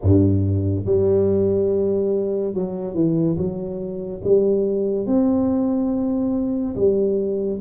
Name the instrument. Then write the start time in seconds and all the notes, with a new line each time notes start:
tuba
0.02 G2
0.85 G3
2.54 F#3
2.94 E3
3.37 F#3
4.24 G3
5.06 C4
6.75 G3